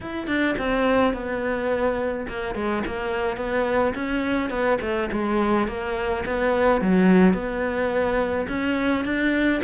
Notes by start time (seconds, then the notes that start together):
0.01 E4
0.27 D4
0.58 C4
1.13 B3
2.28 A#3
2.54 G#3
2.86 A#3
3.37 B3
3.94 C#4
4.50 B3
4.81 A3
5.12 G#3
5.67 A#3
6.25 B3
6.81 F#3
7.33 B3
8.48 C#4
9.04 D4